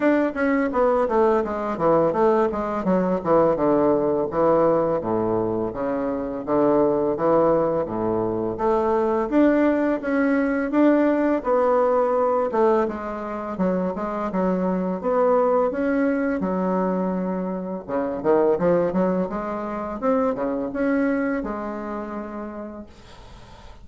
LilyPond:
\new Staff \with { instrumentName = "bassoon" } { \time 4/4 \tempo 4 = 84 d'8 cis'8 b8 a8 gis8 e8 a8 gis8 | fis8 e8 d4 e4 a,4 | cis4 d4 e4 a,4 | a4 d'4 cis'4 d'4 |
b4. a8 gis4 fis8 gis8 | fis4 b4 cis'4 fis4~ | fis4 cis8 dis8 f8 fis8 gis4 | c'8 cis8 cis'4 gis2 | }